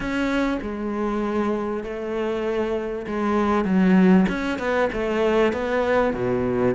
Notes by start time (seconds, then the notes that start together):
0.00 C#4
0.62 G#3
1.83 A3
3.06 G#3
3.64 F#3
4.29 C#4
4.58 B3
4.93 A3
5.52 B3
6.13 B2